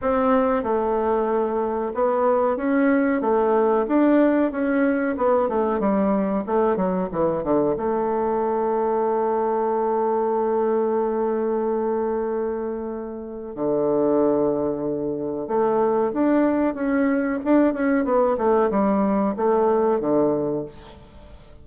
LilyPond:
\new Staff \with { instrumentName = "bassoon" } { \time 4/4 \tempo 4 = 93 c'4 a2 b4 | cis'4 a4 d'4 cis'4 | b8 a8 g4 a8 fis8 e8 d8 | a1~ |
a1~ | a4 d2. | a4 d'4 cis'4 d'8 cis'8 | b8 a8 g4 a4 d4 | }